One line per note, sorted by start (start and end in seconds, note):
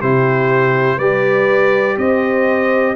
0.00 0.98 C3
0.00 1.00 E4
0.00 0.97 G4
0.00 0.98 C5
0.97 1.97 G3
0.97 2.95 G4
0.97 1.95 B4
0.97 1.97 D5
1.97 2.95 C4
1.97 2.95 C5
1.97 2.95 D#5